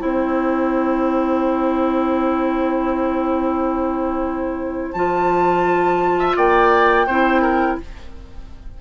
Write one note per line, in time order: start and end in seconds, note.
0.00 4.94 C4
0.00 4.94 E4
0.00 6.18 C5
0.00 4.93 G5
4.93 6.36 F3
4.93 7.07 F4
4.93 6.34 A5
6.19 6.36 E5
6.36 7.07 A#3
6.36 7.07 D5
6.36 7.78 G5
7.07 7.77 C4
7.07 7.81 E4
7.07 7.42 C5
7.42 7.77 A#4